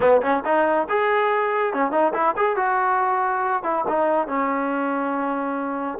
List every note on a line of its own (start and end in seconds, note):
0.00 0.21 B3
0.22 0.43 C#4
0.44 0.87 D#4
0.89 1.73 G#4
1.73 1.91 C#4
1.91 2.13 D#4
2.13 2.35 E4
2.36 2.56 G#4
2.56 3.63 F#4
3.63 3.84 E4
3.88 4.27 D#4
4.27 5.99 C#4